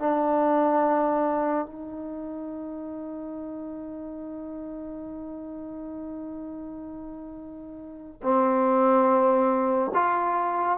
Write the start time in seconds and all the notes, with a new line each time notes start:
0.00 D4
1.66 D#4
8.23 C4
9.94 F4